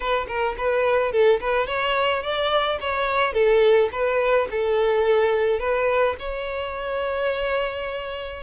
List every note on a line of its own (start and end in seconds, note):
0.00 0.27 B4
0.27 0.55 A#4
0.57 1.11 B4
1.11 1.39 A4
1.40 1.67 B4
1.67 2.22 C#5
2.22 2.78 D5
2.80 3.33 C#5
3.33 3.89 A4
3.92 4.48 B4
4.50 5.59 A4
5.59 6.15 B4
6.19 8.43 C#5